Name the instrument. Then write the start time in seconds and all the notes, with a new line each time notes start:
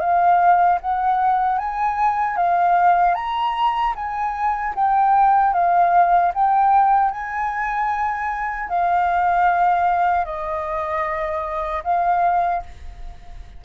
flute
0.00 F5
0.81 F#5
1.58 G#5
2.36 F5
3.14 A#5
3.95 G#5
4.75 G5
5.53 F5
6.34 G5
7.11 G#5
8.69 F5
10.25 D#5
11.83 F5